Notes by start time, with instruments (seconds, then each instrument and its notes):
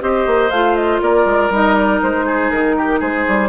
0.00 bassoon C4, clarinet G4, oboe C5, flute D#5
0.26 bassoon A#3
0.50 bassoon A3, clarinet F4, flute F5
0.75 flute D#5
1.01 bassoon A#3, oboe A#4, flute D5
1.25 bassoon G#3
1.49 bassoon G3, clarinet D#4, flute D#5
1.74 flute D5
2.02 bassoon G#3, flute C5
2.25 oboe G#4
2.50 bassoon D#3, flute A#4
2.77 oboe G4
2.99 bassoon G#3, oboe G#4, flute C5
3.27 bassoon G3